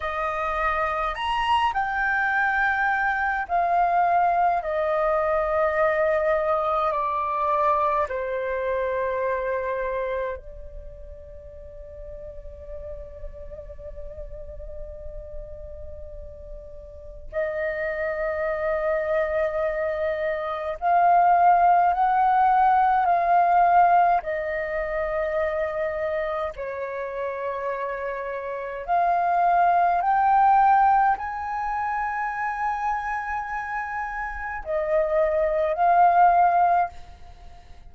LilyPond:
\new Staff \with { instrumentName = "flute" } { \time 4/4 \tempo 4 = 52 dis''4 ais''8 g''4. f''4 | dis''2 d''4 c''4~ | c''4 d''2.~ | d''2. dis''4~ |
dis''2 f''4 fis''4 | f''4 dis''2 cis''4~ | cis''4 f''4 g''4 gis''4~ | gis''2 dis''4 f''4 | }